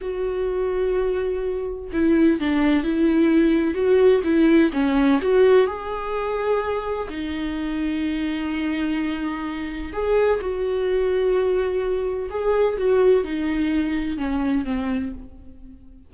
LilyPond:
\new Staff \with { instrumentName = "viola" } { \time 4/4 \tempo 4 = 127 fis'1 | e'4 d'4 e'2 | fis'4 e'4 cis'4 fis'4 | gis'2. dis'4~ |
dis'1~ | dis'4 gis'4 fis'2~ | fis'2 gis'4 fis'4 | dis'2 cis'4 c'4 | }